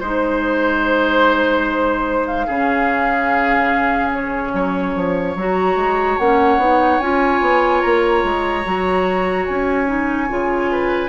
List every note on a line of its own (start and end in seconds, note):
0.00 2.48 G#3
0.00 2.49 D#4
0.00 2.26 C5
0.00 2.47 C5
2.27 4.12 F5
2.47 4.54 C#3
2.47 5.37 C#4
2.47 4.53 G#4
4.13 5.36 C#5
4.54 4.95 F#3
4.54 10.72 C#5
4.96 5.36 F3
5.36 5.76 F#3
5.36 6.21 F#4
5.36 6.19 A#5
5.76 6.17 G#3
6.19 6.58 A#3
6.19 6.60 C#4
6.19 7.00 F#5
6.58 6.99 B3
6.58 7.01 D#4
7.00 7.41 C#4
7.00 8.65 F4
7.00 7.82 G#5
7.41 7.82 B3
7.82 8.24 A#3
7.82 9.46 A#5
8.24 8.65 G#3
8.65 9.48 F#3
8.65 9.87 F#4
9.46 10.31 C#4
9.46 11.09 G#5
9.87 10.28 D#4
10.30 11.09 C#3
10.30 11.09 F4
10.72 11.09 B4